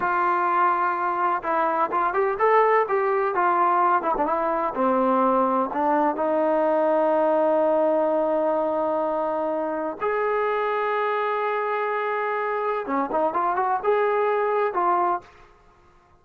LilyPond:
\new Staff \with { instrumentName = "trombone" } { \time 4/4 \tempo 4 = 126 f'2. e'4 | f'8 g'8 a'4 g'4 f'4~ | f'8 e'16 d'16 e'4 c'2 | d'4 dis'2.~ |
dis'1~ | dis'4 gis'2.~ | gis'2. cis'8 dis'8 | f'8 fis'8 gis'2 f'4 | }